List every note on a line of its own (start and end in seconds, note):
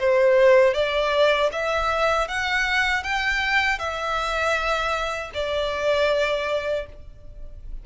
0.00 0.75 C5
0.75 1.51 D5
1.52 2.28 E5
2.28 3.03 F#5
3.03 3.79 G5
3.79 5.31 E5
5.34 6.86 D5